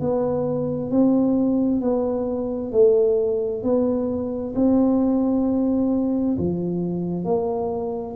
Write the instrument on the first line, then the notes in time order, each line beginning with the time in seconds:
tuba
0.00 B3
0.90 C4
1.81 B3
2.72 A3
3.63 B3
4.55 C4
6.38 F3
7.24 A#3